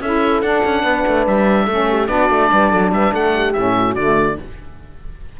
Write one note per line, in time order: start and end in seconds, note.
0.00 0.42 C#4
0.00 0.43 E4
0.00 0.84 A4
0.00 0.41 E5
0.41 0.63 D4
0.41 1.68 D4
0.41 1.24 F#5
0.64 0.83 C#4
0.83 1.03 B3
0.83 1.66 B4
1.07 1.27 A3
1.27 1.67 G3
1.27 2.07 E5
1.66 2.08 A3
1.66 2.07 C#4
1.66 1.86 A4
1.89 2.09 G4
2.07 2.29 B3
2.07 3.53 D4
2.07 2.51 F#4
2.07 2.90 D5
2.29 2.50 A3
2.51 2.73 G3
2.51 2.70 B4
2.70 2.92 F#3
2.70 2.91 A4
2.92 3.12 G3
2.92 3.13 B4
2.92 3.14 E5
3.13 3.54 A3
3.13 3.34 A4
3.13 3.53 F#5
3.34 3.75 G4
3.53 3.96 A2
3.53 3.98 C#4
3.53 3.94 E5
3.76 4.38 F#4
3.95 4.38 D3
3.95 4.40 A3
3.95 4.36 D5